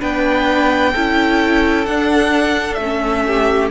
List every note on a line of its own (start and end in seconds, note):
0.00 0.94 B3
0.00 0.93 D4
0.00 0.92 B4
0.00 1.86 G5
0.93 1.87 C#4
0.93 1.87 E4
0.93 3.24 A4
1.86 2.77 D4
1.86 2.79 D4
1.86 2.74 F#5
2.74 3.70 A3
2.74 3.66 E5
2.82 3.71 C#4
3.27 3.71 G4